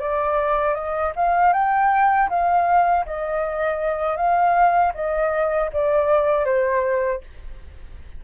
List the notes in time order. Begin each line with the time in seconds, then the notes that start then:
0.00 D5
0.75 D#5
1.16 F5
1.53 G5
2.30 F5
3.06 D#5
4.17 F5
4.95 D#5
5.73 D5
6.46 C5